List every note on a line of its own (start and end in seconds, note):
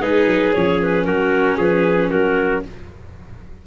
0.00 0.26 G#3
0.00 0.54 D#4
0.00 1.06 G#4
0.00 0.53 B4
0.26 0.53 F#3
0.53 1.05 F3
0.53 2.66 C#4
0.53 0.79 C#5
0.82 1.05 B4
1.05 1.57 F#3
1.05 1.57 F#4
1.05 1.57 A#4
1.57 2.11 F3
1.57 2.10 G#4
1.57 2.10 B4
2.10 2.65 F#3
2.10 2.63 F#4
2.10 2.62 A#4